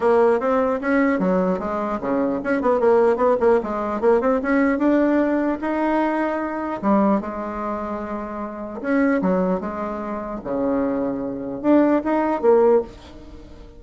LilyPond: \new Staff \with { instrumentName = "bassoon" } { \time 4/4 \tempo 4 = 150 ais4 c'4 cis'4 fis4 | gis4 cis4 cis'8 b8 ais4 | b8 ais8 gis4 ais8 c'8 cis'4 | d'2 dis'2~ |
dis'4 g4 gis2~ | gis2 cis'4 fis4 | gis2 cis2~ | cis4 d'4 dis'4 ais4 | }